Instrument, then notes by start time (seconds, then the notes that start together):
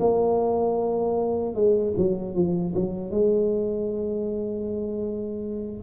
tuba
0.00 A#3
1.55 G#3
1.97 F#3
2.35 F3
2.75 F#3
3.11 G#3